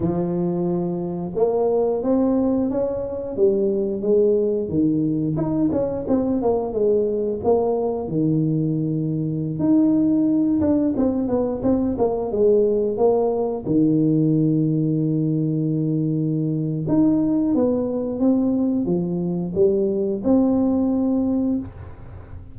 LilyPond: \new Staff \with { instrumentName = "tuba" } { \time 4/4 \tempo 4 = 89 f2 ais4 c'4 | cis'4 g4 gis4 dis4 | dis'8 cis'8 c'8 ais8 gis4 ais4 | dis2~ dis16 dis'4. d'16~ |
d'16 c'8 b8 c'8 ais8 gis4 ais8.~ | ais16 dis2.~ dis8.~ | dis4 dis'4 b4 c'4 | f4 g4 c'2 | }